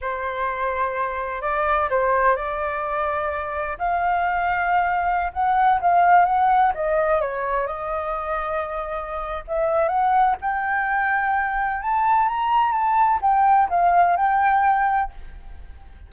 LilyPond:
\new Staff \with { instrumentName = "flute" } { \time 4/4 \tempo 4 = 127 c''2. d''4 | c''4 d''2. | f''2.~ f''16 fis''8.~ | fis''16 f''4 fis''4 dis''4 cis''8.~ |
cis''16 dis''2.~ dis''8. | e''4 fis''4 g''2~ | g''4 a''4 ais''4 a''4 | g''4 f''4 g''2 | }